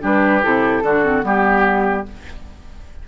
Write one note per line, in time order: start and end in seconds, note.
0.00 0.43 G3
0.00 0.41 D4
0.00 0.83 G4
0.00 0.43 B4
0.42 0.82 C3
0.42 0.83 E4
0.42 1.24 A4
0.82 1.23 D3
0.82 1.03 D4
0.82 1.25 F#4
1.04 1.21 C4
1.21 2.05 G3
1.21 2.03 B3
1.21 2.07 G4